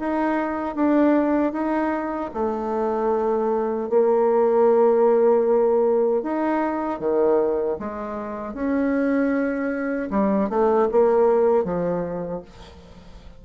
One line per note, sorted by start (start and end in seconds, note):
0.00 0.76 D#4
0.76 1.53 D4
1.53 2.31 D#4
2.34 3.90 A3
3.90 6.23 A#3
6.23 7.00 D#4
7.00 7.78 D#3
7.80 8.54 G#3
8.54 10.10 C#4
10.11 10.50 G3
10.50 10.89 A3
10.92 11.65 A#3
11.65 12.43 F3